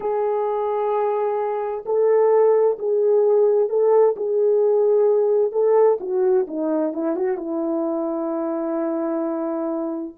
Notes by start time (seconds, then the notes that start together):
0.00 G#4
1.85 A4
2.79 G#4
3.69 A4
4.16 G#4
5.52 A4
6.00 F#4
6.47 D#4
6.93 E4
7.16 F#4
7.37 E4